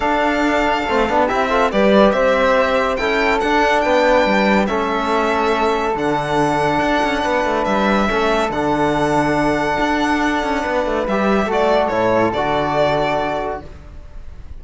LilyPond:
<<
  \new Staff \with { instrumentName = "violin" } { \time 4/4 \tempo 4 = 141 f''2. e''4 | d''4 e''2 g''4 | fis''4 g''2 e''4~ | e''2 fis''2~ |
fis''2 e''2 | fis''1~ | fis''2 e''4 d''4 | cis''4 d''2. | }
  \new Staff \with { instrumentName = "flute" } { \time 4/4 a'2. g'8 a'8 | b'4 c''2 a'4~ | a'4 b'2 a'4~ | a'1~ |
a'4 b'2 a'4~ | a'1~ | a'4 b'2 a'4~ | a'1 | }
  \new Staff \with { instrumentName = "trombone" } { \time 4/4 d'2 c'8 d'8 e'8 f'8 | g'2. e'4 | d'2. cis'4~ | cis'2 d'2~ |
d'2. cis'4 | d'1~ | d'2 g'4 fis'4 | e'4 fis'2. | }
  \new Staff \with { instrumentName = "cello" } { \time 4/4 d'2 a8 b8 c'4 | g4 c'2 cis'4 | d'4 b4 g4 a4~ | a2 d2 |
d'8 cis'8 b8 a8 g4 a4 | d2. d'4~ | d'8 cis'8 b8 a8 g4 a4 | a,4 d2. | }
>>